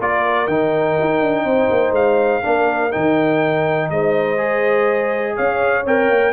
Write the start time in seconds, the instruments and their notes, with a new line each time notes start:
0.00 tuba A#3, trombone F4, horn A#4, trumpet D5
0.47 tuba D#3, trombone D#4, trumpet G5
1.01 tuba D#4
1.21 tuba D4
1.45 tuba C4, horn C5
1.71 tuba A#3
1.92 tuba G#3, trumpet F5
2.43 tuba A#3, trombone D4, horn A#4
2.91 tuba D#3, trombone D#4, trumpet G5
3.90 tuba G#3, horn C5, trumpet D#5
4.37 trombone G#4
5.35 tuba C#4, horn C#5, trumpet F5
5.86 tuba C4, trombone A#4, trumpet G5
6.10 tuba A#3